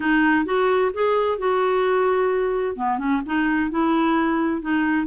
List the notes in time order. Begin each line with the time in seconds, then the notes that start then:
0.00 D#4
0.45 F#4
0.93 G#4
1.38 F#4
2.75 B3
2.98 C#4
3.26 D#4
3.70 E4
4.61 D#4